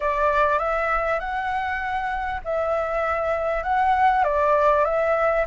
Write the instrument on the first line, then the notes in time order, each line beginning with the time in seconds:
flute
0.00 D5
0.58 E5
1.19 F#5
2.44 E5
3.63 F#5
4.24 D5
4.84 E5